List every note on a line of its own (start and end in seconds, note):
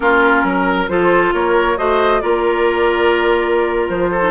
0.00 0.43 A#3
0.00 0.88 C#4
0.00 0.46 F4
0.00 0.88 A#4
0.43 0.87 F#3
0.43 0.90 A#4
0.88 1.33 F3
0.88 1.77 F4
0.88 1.34 A4
0.88 1.32 C5
1.33 1.77 A#3
1.33 1.78 A#4
1.33 1.77 C#5
1.77 2.22 A3
1.77 2.21 F#4
1.77 2.22 C5
1.77 2.20 D#5
2.20 3.89 A#3
2.20 4.21 F4
2.20 4.10 A#4
2.20 3.87 D5
3.89 4.31 F3
3.89 4.31 C5
4.10 4.31 A4
4.21 4.31 D#4